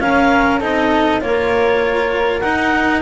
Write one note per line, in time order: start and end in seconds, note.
0.00 0.60 C#4
0.00 0.61 C#4
0.00 0.59 A#4
0.00 0.61 F5
0.59 1.21 C4
0.59 1.21 D#4
0.59 1.20 A4
0.59 1.22 D#5
1.21 2.42 A#3
1.21 2.42 F4
1.21 3.02 A#4
1.21 2.40 C#5
2.40 3.02 D#4
2.40 3.01 F#5